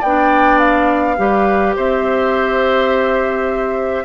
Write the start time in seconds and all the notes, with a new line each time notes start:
0.00 B3 D5 G5
0.07 D4
0.59 F5
1.18 G3 G4 B4
1.76 C4 C5 E5